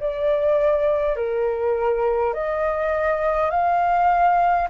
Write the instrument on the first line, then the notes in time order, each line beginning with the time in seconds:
flute
0.00 D5
1.16 A#4
2.34 D#5
3.50 F5